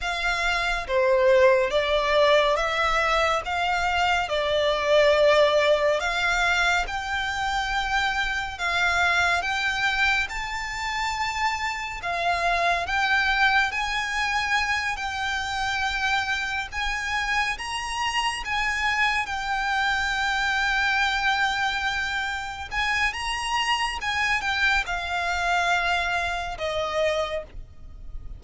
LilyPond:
\new Staff \with { instrumentName = "violin" } { \time 4/4 \tempo 4 = 70 f''4 c''4 d''4 e''4 | f''4 d''2 f''4 | g''2 f''4 g''4 | a''2 f''4 g''4 |
gis''4. g''2 gis''8~ | gis''8 ais''4 gis''4 g''4.~ | g''2~ g''8 gis''8 ais''4 | gis''8 g''8 f''2 dis''4 | }